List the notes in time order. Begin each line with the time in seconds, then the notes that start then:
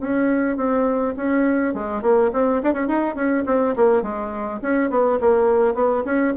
0.00 C#4
0.57 C4
1.16 C#4
1.74 G#3
2.02 A#3
2.33 C4
2.62 D4
2.73 C#4
2.87 D#4
3.15 C#4
3.46 C4
3.76 A#3
4.02 G#3
4.62 C#4
4.90 B3
5.20 A#3
5.74 B3
6.04 C#4